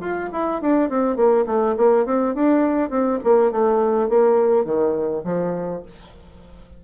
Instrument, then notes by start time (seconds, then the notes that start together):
bassoon
0.00 F4
0.32 E4
0.61 D4
0.89 C4
1.15 A#3
1.46 A3
1.77 A#3
2.05 C4
2.34 D4
2.89 C4
3.23 A#3
3.51 A3
4.09 A#3
4.64 D#3
5.24 F3